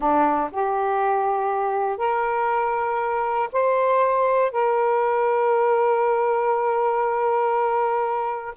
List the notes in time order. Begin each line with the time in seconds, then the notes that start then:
0.00 D4
0.51 G4
1.97 A#4
3.52 C5
4.51 A#4